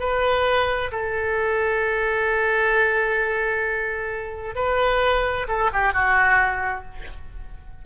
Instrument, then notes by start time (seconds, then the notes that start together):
oboe
0.00 B4
0.92 A4
4.56 B4
5.48 A4
5.73 G4
5.94 F#4